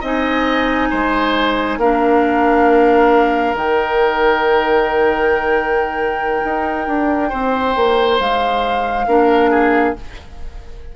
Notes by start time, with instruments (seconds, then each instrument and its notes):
0.00 bassoon C4, clarinet D#4, oboe D#5, flute G#5
0.90 bassoon G#3, oboe C5
1.77 bassoon A#3, clarinet D4, oboe A#4, flute F5
3.54 bassoon D#3, clarinet D#4, flute G5
6.44 bassoon D#4
6.87 bassoon D4
7.29 bassoon C4, oboe C5
7.75 bassoon A#3
8.19 bassoon G#3, flute F5
9.06 bassoon A#3, clarinet D4, oboe A#4
9.50 oboe G#4